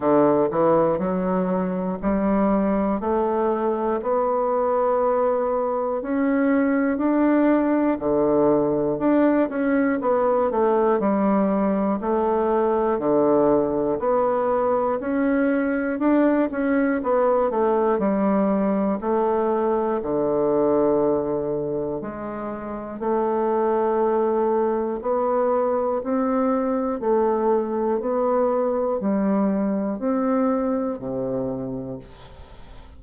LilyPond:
\new Staff \with { instrumentName = "bassoon" } { \time 4/4 \tempo 4 = 60 d8 e8 fis4 g4 a4 | b2 cis'4 d'4 | d4 d'8 cis'8 b8 a8 g4 | a4 d4 b4 cis'4 |
d'8 cis'8 b8 a8 g4 a4 | d2 gis4 a4~ | a4 b4 c'4 a4 | b4 g4 c'4 c4 | }